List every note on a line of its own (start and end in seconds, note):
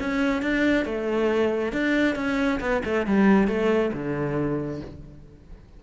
0.00 0.42 C#4
0.42 0.85 D4
0.85 1.72 A3
1.72 2.16 D4
2.16 2.59 C#4
2.60 2.82 B3
2.85 3.06 A3
3.06 3.48 G3
3.48 3.91 A3
3.93 4.81 D3